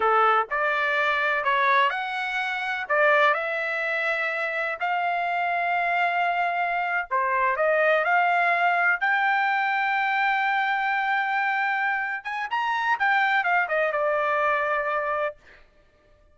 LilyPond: \new Staff \with { instrumentName = "trumpet" } { \time 4/4 \tempo 4 = 125 a'4 d''2 cis''4 | fis''2 d''4 e''4~ | e''2 f''2~ | f''2~ f''8. c''4 dis''16~ |
dis''8. f''2 g''4~ g''16~ | g''1~ | g''4. gis''8 ais''4 g''4 | f''8 dis''8 d''2. | }